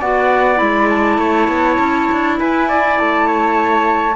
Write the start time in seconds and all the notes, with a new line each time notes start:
0.00 B3 F#4 D5 F#5
0.56 G#3 E4 B5
0.89 A5
1.18 A3 C#5
1.48 B3
1.79 C#4
2.12 D4
2.39 E4 B4 G#5
2.68 D5
2.99 A3 A5
3.27 C#5